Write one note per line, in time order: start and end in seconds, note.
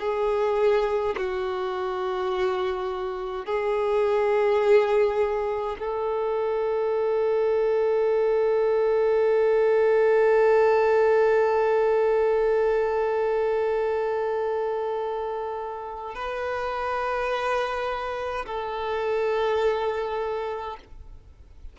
0.00 1.15 G#4
1.17 3.46 F#4
3.46 5.77 G#4
5.80 16.15 A4
16.15 18.46 B4
18.46 20.77 A4